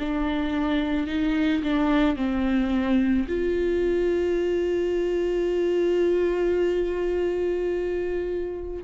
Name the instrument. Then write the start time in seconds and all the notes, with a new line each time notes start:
viola
0.00 D4
1.07 D#4
1.63 D4
2.16 C4
3.28 F4